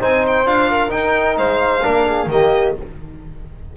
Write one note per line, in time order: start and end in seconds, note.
0.00 0.45 C4
0.00 0.46 D#4
0.00 0.70 C5
0.00 0.26 G#5
0.27 0.47 G5
0.45 0.91 D4
0.45 0.89 F4
0.45 0.91 F5
0.70 1.39 A#4
0.89 1.80 D#4
0.89 1.37 D#4
0.89 1.37 G5
1.37 1.83 G#3
1.37 1.83 C5
1.37 2.29 F5
1.82 2.26 A#3
1.82 2.28 D4
1.82 2.06 A#4
2.06 2.29 G#4
2.26 2.72 D#3
2.26 2.75 A#3
2.26 2.77 G4
2.26 2.77 D#5